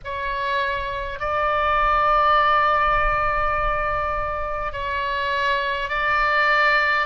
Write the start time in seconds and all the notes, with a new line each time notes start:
0.04 C#5
1.19 D5
4.72 C#5
5.89 D5